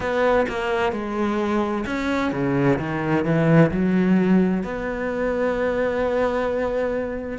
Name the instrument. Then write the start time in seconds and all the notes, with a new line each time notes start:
cello
0.00 B3
0.48 A#3
0.92 G#3
1.86 C#4
2.32 C#3
2.79 D#3
3.24 E3
3.71 F#3
4.63 B3